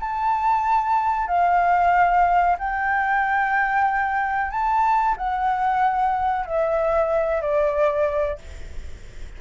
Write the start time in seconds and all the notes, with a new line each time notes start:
0.00 A5
1.28 F5
2.59 G5
4.51 A5
5.17 F#5
6.46 E5
7.42 D5